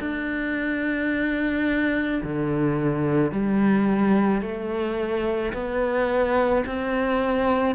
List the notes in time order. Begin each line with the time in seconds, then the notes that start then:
0.00 D4
2.24 D3
3.32 G3
4.42 A3
5.54 B3
6.67 C4